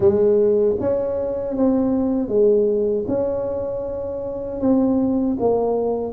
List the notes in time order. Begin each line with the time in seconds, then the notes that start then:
0.00 G#3
0.79 C#4
1.56 C4
2.28 G#3
3.08 C#4
4.60 C4
5.39 A#3